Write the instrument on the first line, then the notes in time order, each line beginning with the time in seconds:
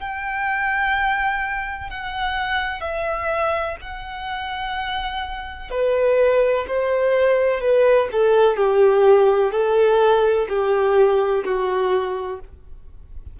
violin
0.00 G5
1.90 F#5
2.81 E5
3.81 F#5
5.71 B4
6.68 C5
7.61 B4
8.12 A4
8.57 G4
9.52 A4
10.49 G4
11.45 F#4